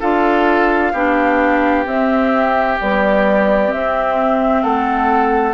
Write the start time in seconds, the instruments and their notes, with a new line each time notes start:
0.00 bassoon D4, clarinet F4, oboe A4, flute F5
0.93 bassoon B3, clarinet D4, oboe G4
1.86 clarinet C4, bassoon C4, flute E5
2.80 clarinet G3, bassoon B3, flute D5
3.68 clarinet C4, bassoon C4, flute E5
4.63 bassoon A3, oboe A4, flute F#5